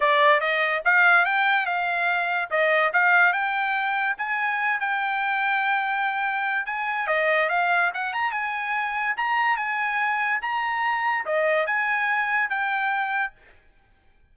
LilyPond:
\new Staff \with { instrumentName = "trumpet" } { \time 4/4 \tempo 4 = 144 d''4 dis''4 f''4 g''4 | f''2 dis''4 f''4 | g''2 gis''4. g''8~ | g''1 |
gis''4 dis''4 f''4 fis''8 ais''8 | gis''2 ais''4 gis''4~ | gis''4 ais''2 dis''4 | gis''2 g''2 | }